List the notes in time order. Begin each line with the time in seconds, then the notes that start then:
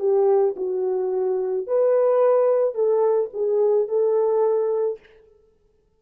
0.00 G4
0.57 F#4
1.68 B4
2.75 A4
3.34 G#4
3.89 A4